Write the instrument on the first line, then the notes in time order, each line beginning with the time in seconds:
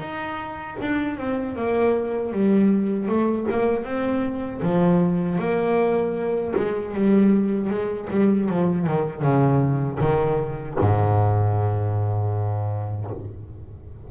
double bass
0.00 D#4
0.80 D4
1.17 C4
1.56 A#3
2.33 G3
3.08 A3
3.51 A#3
3.84 C4
4.62 F3
5.39 A#3
6.57 G#3
6.94 G3
7.70 G#3
8.10 G3
8.49 F3
8.87 D#3
9.22 C#3
10.00 D#3
10.80 G#2